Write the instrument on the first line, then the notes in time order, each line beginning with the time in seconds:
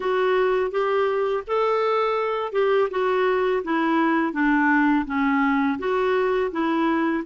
clarinet
0.00 F#4
0.71 G4
1.47 A4
2.52 G4
2.90 F#4
3.63 E4
4.32 D4
5.06 C#4
5.78 F#4
6.51 E4